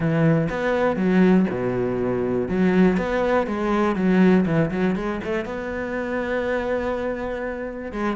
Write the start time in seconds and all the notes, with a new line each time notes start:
0.00 E3
0.49 B3
0.96 F#3
1.49 B2
2.48 F#3
2.97 B3
3.47 G#3
3.95 F#3
4.45 E3
4.71 F#3
4.95 G#3
5.23 A3
5.45 B3
7.92 G#3